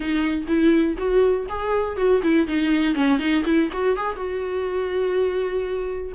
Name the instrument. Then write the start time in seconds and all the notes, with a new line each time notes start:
viola
0.00 D#4
0.47 E4
0.97 F#4
1.48 G#4
1.96 F#4
2.22 E4
2.47 D#4
2.95 C#4
3.19 D#4
3.44 E4
3.72 F#4
3.96 G#4
4.16 F#4